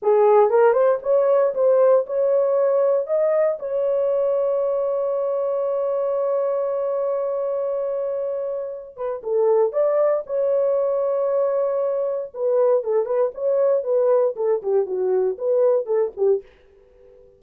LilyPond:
\new Staff \with { instrumentName = "horn" } { \time 4/4 \tempo 4 = 117 gis'4 ais'8 c''8 cis''4 c''4 | cis''2 dis''4 cis''4~ | cis''1~ | cis''1~ |
cis''4. b'8 a'4 d''4 | cis''1 | b'4 a'8 b'8 cis''4 b'4 | a'8 g'8 fis'4 b'4 a'8 g'8 | }